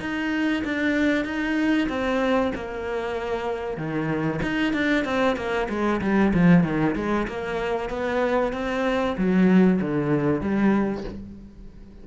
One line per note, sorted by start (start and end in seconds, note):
0.00 0.63 D#4
0.65 1.25 D4
1.25 1.88 D#4
1.89 2.52 C4
2.55 3.77 A#3
3.77 4.40 D#3
4.42 4.73 D#4
4.73 5.05 D4
5.05 5.37 C4
5.37 5.68 A#3
5.69 6.01 G#3
6.01 6.33 G3
6.34 6.64 F3
6.64 6.95 D#3
6.96 7.27 G#3
7.28 7.90 A#3
7.90 8.53 B3
8.53 9.16 C4
9.18 9.81 F#3
9.82 10.41 D3
10.41 11.04 G3